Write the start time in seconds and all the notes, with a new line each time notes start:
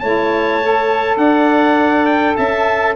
0.00 A3 E4 C#5 A5
0.63 A4
1.17 D4 D5 F#5
2.06 G5
2.37 C#4 E5 A5